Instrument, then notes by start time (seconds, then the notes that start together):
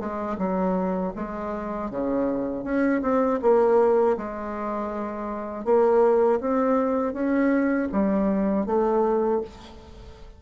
bassoon
0.00 G#3
0.39 F#3
1.16 G#3
1.91 C#3
2.64 C#4
3.02 C4
3.42 A#3
4.18 G#3
5.65 A#3
6.41 C4
7.14 C#4
7.93 G3
8.67 A3